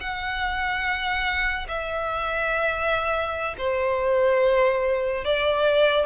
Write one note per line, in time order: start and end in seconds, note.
0.00 1.67 F#5
1.68 3.56 E5
3.58 5.25 C5
5.25 6.06 D5